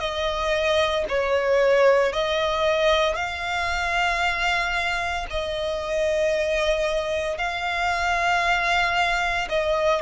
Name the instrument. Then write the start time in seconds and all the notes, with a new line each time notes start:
violin
0.00 D#5
1.09 C#5
2.13 D#5
3.16 F5
5.30 D#5
7.38 F5
9.49 D#5